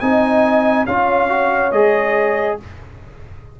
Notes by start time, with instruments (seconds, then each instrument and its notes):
0.00 tuba C4, trombone D#4, horn D#5, trumpet G#5
0.86 tuba C#4, trombone F4, horn C#5, trumpet F5
1.29 trombone F#4
1.72 tuba G#3, trombone G#4, trumpet D#5